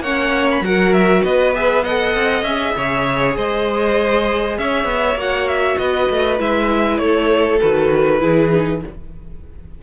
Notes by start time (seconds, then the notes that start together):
0.00 A#3 C#4 C#5 F#5
0.51 B5
0.61 F#3 F#4 A#4 F#5
0.93 E5
1.23 B3 B4 D#5
1.54 G#4 E5
1.84 A4 D#5 F#5
2.15 C4
2.42 C#4 G#4 E5
2.76 C#3 C#5
3.36 G#3 C5 D#5
4.58 C#4 C#5 E5
4.84 B3
5.15 A#3 F#4 F#5
5.48 E5
5.78 B3 B4 D#5
6.09 A3
6.38 G#3 E4 E5
6.98 A3 A4 C#5
7.60 D#3 F#4 B4
8.20 E3 E4 G#4
8.52 D#4